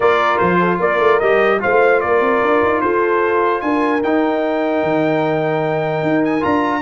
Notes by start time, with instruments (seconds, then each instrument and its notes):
0.00 tuba A#3, trombone F4, horn A#4, trumpet D5
0.37 tuba F3, trumpet C5
0.59 horn A4
0.79 tuba A#3, horn A#4, trumpet D5
0.99 tuba A3
1.19 tuba G3, trombone G4, trumpet D#5
1.59 tuba A3, trombone F4, horn C5, trumpet F5
2.00 tuba A#3, horn A#4, trumpet D5
2.20 tuba C4
2.41 tuba D4
2.63 tuba D#4
2.81 tuba F4, horn A4, trumpet C5
3.61 tuba D4, horn A#4, trumpet G#5
4.03 tuba D#4, trombone D#4, trumpet G5
4.82 tuba D#3
6.02 tuba D#4
6.24 trumpet G#5
6.40 tuba D4, trombone F4, trumpet A#5